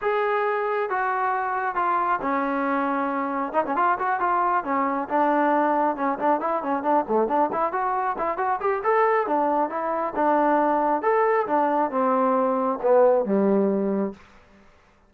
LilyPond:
\new Staff \with { instrumentName = "trombone" } { \time 4/4 \tempo 4 = 136 gis'2 fis'2 | f'4 cis'2. | dis'16 cis'16 f'8 fis'8 f'4 cis'4 d'8~ | d'4. cis'8 d'8 e'8 cis'8 d'8 |
a8 d'8 e'8 fis'4 e'8 fis'8 g'8 | a'4 d'4 e'4 d'4~ | d'4 a'4 d'4 c'4~ | c'4 b4 g2 | }